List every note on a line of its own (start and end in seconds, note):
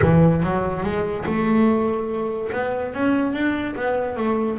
0.01 0.43 E3
0.43 0.83 F#3
0.83 1.25 G#3
1.25 2.50 A3
2.52 2.93 B3
2.94 3.33 C#4
3.33 3.75 D4
3.75 4.16 B3
4.16 4.58 A3